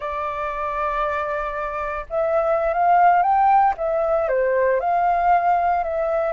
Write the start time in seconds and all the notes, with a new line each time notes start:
0.00 D5
2.09 E5
2.73 F5
3.22 G5
3.77 E5
4.28 C5
4.80 F5
5.83 E5